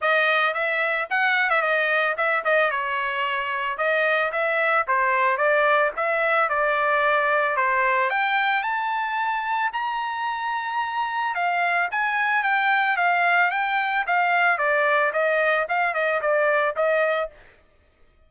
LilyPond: \new Staff \with { instrumentName = "trumpet" } { \time 4/4 \tempo 4 = 111 dis''4 e''4 fis''8. e''16 dis''4 | e''8 dis''8 cis''2 dis''4 | e''4 c''4 d''4 e''4 | d''2 c''4 g''4 |
a''2 ais''2~ | ais''4 f''4 gis''4 g''4 | f''4 g''4 f''4 d''4 | dis''4 f''8 dis''8 d''4 dis''4 | }